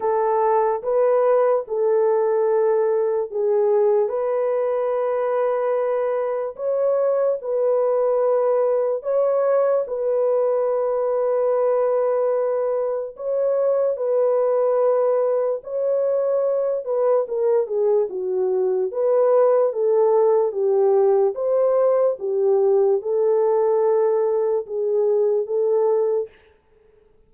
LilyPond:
\new Staff \with { instrumentName = "horn" } { \time 4/4 \tempo 4 = 73 a'4 b'4 a'2 | gis'4 b'2. | cis''4 b'2 cis''4 | b'1 |
cis''4 b'2 cis''4~ | cis''8 b'8 ais'8 gis'8 fis'4 b'4 | a'4 g'4 c''4 g'4 | a'2 gis'4 a'4 | }